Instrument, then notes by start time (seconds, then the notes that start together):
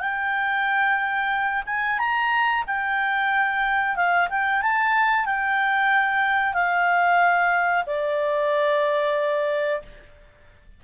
clarinet
0.00 G5
1.66 G#5
1.99 A#5
2.67 G5
3.96 F5
4.30 G5
4.62 A5
5.26 G5
6.54 F5
7.87 D5